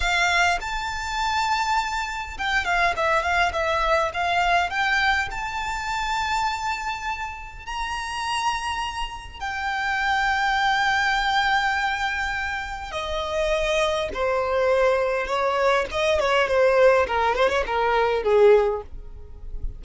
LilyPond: \new Staff \with { instrumentName = "violin" } { \time 4/4 \tempo 4 = 102 f''4 a''2. | g''8 f''8 e''8 f''8 e''4 f''4 | g''4 a''2.~ | a''4 ais''2. |
g''1~ | g''2 dis''2 | c''2 cis''4 dis''8 cis''8 | c''4 ais'8 c''16 cis''16 ais'4 gis'4 | }